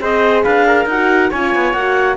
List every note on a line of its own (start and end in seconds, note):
0.00 0.44 C4
0.00 0.88 G#4
0.00 0.44 C5
0.00 0.44 D#5
0.44 0.86 D4
0.44 0.66 B4
0.44 0.87 F5
0.67 1.30 A#4
0.86 1.30 D#4
0.86 1.34 F#4
0.86 1.32 F#5
1.30 1.55 C#4
1.30 1.76 F4
1.30 2.17 C#5
1.30 1.74 G#5
1.55 1.74 B3
1.74 2.17 A#3
1.74 2.17 F#4
1.74 2.17 F#5